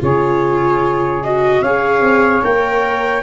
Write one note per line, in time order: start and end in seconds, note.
0.00 1.61 C#3
0.00 1.22 F4
0.00 1.61 G#4
0.00 1.24 C#5
1.24 1.65 F#4
1.24 1.63 D#5
1.61 2.02 C#4
1.61 2.43 G#4
1.61 3.23 C#5
1.61 2.44 F5
2.02 2.43 C4
2.43 3.23 A#3
2.43 3.23 A#4
2.43 3.23 G5